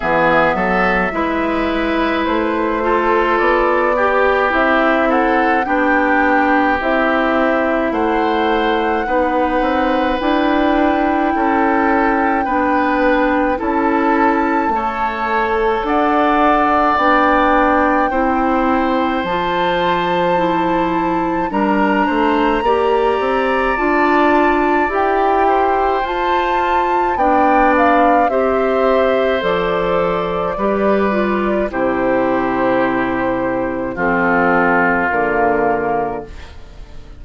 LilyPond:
<<
  \new Staff \with { instrumentName = "flute" } { \time 4/4 \tempo 4 = 53 e''2 c''4 d''4 | e''8 fis''8 g''4 e''4 fis''4~ | fis''4 g''2. | a''2 fis''4 g''4~ |
g''4 a''2 ais''4~ | ais''4 a''4 g''4 a''4 | g''8 f''8 e''4 d''2 | c''2 a'4 ais'4 | }
  \new Staff \with { instrumentName = "oboe" } { \time 4/4 gis'8 a'8 b'4. a'4 g'8~ | g'8 a'8 g'2 c''4 | b'2 a'4 b'4 | a'4 cis''4 d''2 |
c''2. ais'8 c''8 | d''2~ d''8 c''4. | d''4 c''2 b'4 | g'2 f'2 | }
  \new Staff \with { instrumentName = "clarinet" } { \time 4/4 b4 e'4. f'4 g'8 | e'4 d'4 e'2 | dis'4 e'2 d'4 | e'4 a'2 d'4 |
e'4 f'4 e'4 d'4 | g'4 f'4 g'4 f'4 | d'4 g'4 a'4 g'8 f'8 | e'2 c'4 ais4 | }
  \new Staff \with { instrumentName = "bassoon" } { \time 4/4 e8 fis8 gis4 a4 b4 | c'4 b4 c'4 a4 | b8 c'8 d'4 cis'4 b4 | cis'4 a4 d'4 b4 |
c'4 f2 g8 a8 | ais8 c'8 d'4 e'4 f'4 | b4 c'4 f4 g4 | c2 f4 d4 | }
>>